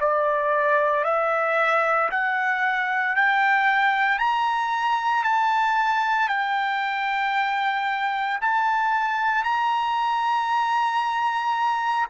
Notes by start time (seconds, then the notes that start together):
0.00 D5
1.04 E5
2.11 F#5
3.15 G5
4.19 A#5
5.23 A5
6.28 G5
8.41 A5
9.44 A#5